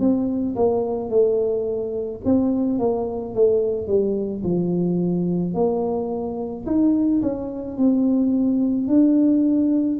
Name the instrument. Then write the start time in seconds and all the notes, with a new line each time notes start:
tuba
0.00 C4
0.56 A#3
1.10 A3
2.25 C4
2.79 A#3
3.34 A3
3.87 G3
4.44 F3
5.55 A#3
6.66 D#4
7.22 C#4
7.77 C4
8.88 D4